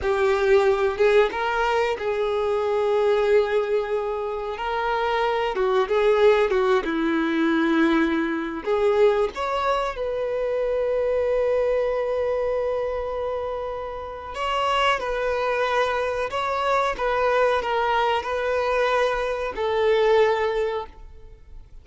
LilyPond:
\new Staff \with { instrumentName = "violin" } { \time 4/4 \tempo 4 = 92 g'4. gis'8 ais'4 gis'4~ | gis'2. ais'4~ | ais'8 fis'8 gis'4 fis'8 e'4.~ | e'4~ e'16 gis'4 cis''4 b'8.~ |
b'1~ | b'2 cis''4 b'4~ | b'4 cis''4 b'4 ais'4 | b'2 a'2 | }